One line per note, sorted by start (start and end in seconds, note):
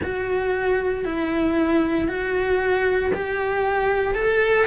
0.03 1.04 F#4
1.04 2.08 E4
2.08 3.11 F#4
3.14 4.14 G4
4.14 4.66 A4